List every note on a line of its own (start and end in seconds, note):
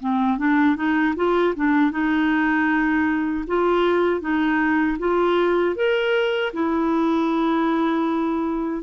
0.00 0.38 C4
0.38 0.76 D4
0.76 1.14 D#4
1.16 1.54 F4
1.56 1.91 D4
1.91 3.45 D#4
3.47 4.21 F4
4.21 4.98 D#4
4.99 5.76 F4
5.76 6.52 A#4
6.53 8.83 E4